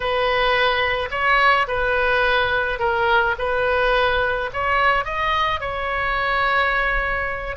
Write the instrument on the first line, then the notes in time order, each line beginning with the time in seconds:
oboe
0.00 B4
1.10 C#5
1.67 B4
2.79 A#4
3.38 B4
4.53 C#5
5.04 D#5
5.60 C#5